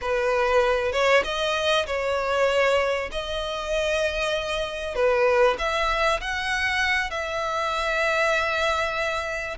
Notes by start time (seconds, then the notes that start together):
0.01 B4
0.92 C#5
1.24 D#5
1.86 C#5
3.11 D#5
4.95 B4
5.58 E5
6.20 F#5
7.10 E5